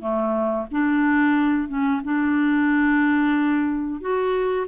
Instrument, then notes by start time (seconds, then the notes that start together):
clarinet
0.00 A3
0.71 D4
1.68 C#4
2.04 D4
4.00 F#4